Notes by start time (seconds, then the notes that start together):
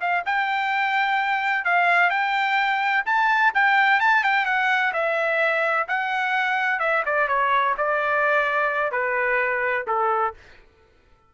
0.00 F5
0.26 G5
1.65 F5
2.10 G5
3.06 A5
3.54 G5
4.00 A5
4.23 G5
4.45 F#5
4.93 E5
5.88 F#5
6.79 E5
7.05 D5
7.28 C#5
7.77 D5
8.91 B4
9.87 A4